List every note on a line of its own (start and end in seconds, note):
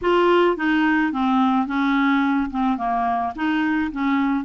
0.01 0.56 F4
0.56 1.12 D#4
1.12 1.66 C4
1.66 2.50 C#4
2.50 2.77 C4
2.77 3.33 A#3
3.35 3.91 D#4
3.92 4.44 C#4